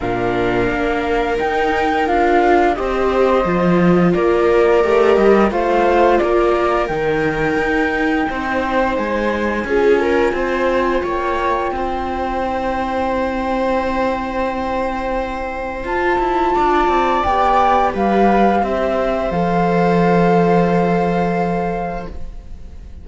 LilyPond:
<<
  \new Staff \with { instrumentName = "flute" } { \time 4/4 \tempo 4 = 87 f''2 g''4 f''4 | dis''2 d''4. dis''8 | f''4 d''4 g''2~ | g''4 gis''2. |
g''1~ | g''2. a''4~ | a''4 g''4 f''4 e''4 | f''1 | }
  \new Staff \with { instrumentName = "viola" } { \time 4/4 ais'1 | c''2 ais'2 | c''4 ais'2. | c''2 gis'8 ais'8 c''4 |
cis''4 c''2.~ | c''1 | d''2 b'4 c''4~ | c''1 | }
  \new Staff \with { instrumentName = "viola" } { \time 4/4 d'2 dis'4 f'4 | g'4 f'2 g'4 | f'2 dis'2~ | dis'2 f'2~ |
f'2 e'2~ | e'2. f'4~ | f'4 g'2. | a'1 | }
  \new Staff \with { instrumentName = "cello" } { \time 4/4 ais,4 ais4 dis'4 d'4 | c'4 f4 ais4 a8 g8 | a4 ais4 dis4 dis'4 | c'4 gis4 cis'4 c'4 |
ais4 c'2.~ | c'2. f'8 e'8 | d'8 c'8 b4 g4 c'4 | f1 | }
>>